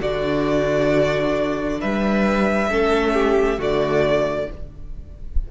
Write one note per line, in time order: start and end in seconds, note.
0.00 1.79 D3
0.00 2.69 D4
0.00 1.79 F#4
0.00 1.81 D5
1.80 2.70 G3
1.80 2.70 B4
1.80 3.60 E5
2.69 3.58 A3
2.69 3.57 C#4
2.69 3.14 A4
3.14 3.59 G4
3.57 4.48 D3
3.57 4.47 A3
3.57 4.48 F#4
3.57 4.51 D5